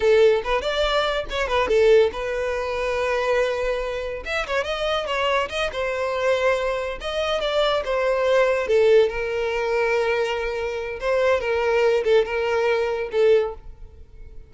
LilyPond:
\new Staff \with { instrumentName = "violin" } { \time 4/4 \tempo 4 = 142 a'4 b'8 d''4. cis''8 b'8 | a'4 b'2.~ | b'2 e''8 cis''8 dis''4 | cis''4 dis''8 c''2~ c''8~ |
c''8 dis''4 d''4 c''4.~ | c''8 a'4 ais'2~ ais'8~ | ais'2 c''4 ais'4~ | ais'8 a'8 ais'2 a'4 | }